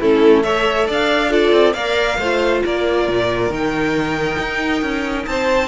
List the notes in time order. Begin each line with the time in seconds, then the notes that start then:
0.00 A3 C#4 E4 A4
0.43 A4 C#5 E5
0.87 D4 D5 F5
1.29 F4 A4 D5
1.52 C4
1.73 A#3 A#4 D5 F5
2.18 A3 F4 C5
2.65 A#3 A#4 D5
3.07 A#2
3.49 D#3 D#4 G5
4.38 D#4
4.82 C#4
5.25 C4 C5 A5